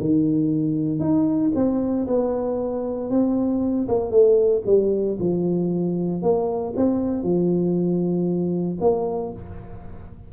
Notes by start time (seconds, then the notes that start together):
0.00 D#3
1.00 D#4
1.55 C4
2.07 B3
3.10 C4
3.88 A#3
4.11 A3
4.66 G3
5.20 F3
6.22 A#3
6.76 C4
7.23 F3
8.81 A#3